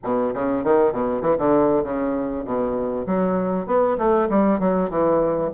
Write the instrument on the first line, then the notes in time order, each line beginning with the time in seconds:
bassoon
0.03 B2
0.34 C#3
0.64 D#3
0.92 B2
1.21 E3
1.38 D3
1.83 C#3
2.45 B2
3.06 F#3
3.66 B3
3.98 A3
4.29 G3
4.59 F#3
4.90 E3